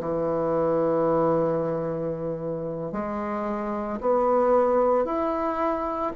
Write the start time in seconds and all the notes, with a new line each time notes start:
0.00 E3
2.92 G#3
4.01 B3
5.05 E4